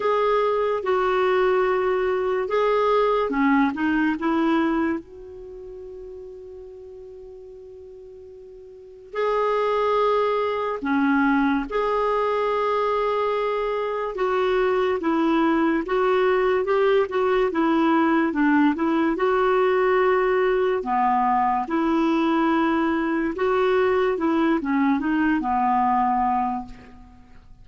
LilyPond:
\new Staff \with { instrumentName = "clarinet" } { \time 4/4 \tempo 4 = 72 gis'4 fis'2 gis'4 | cis'8 dis'8 e'4 fis'2~ | fis'2. gis'4~ | gis'4 cis'4 gis'2~ |
gis'4 fis'4 e'4 fis'4 | g'8 fis'8 e'4 d'8 e'8 fis'4~ | fis'4 b4 e'2 | fis'4 e'8 cis'8 dis'8 b4. | }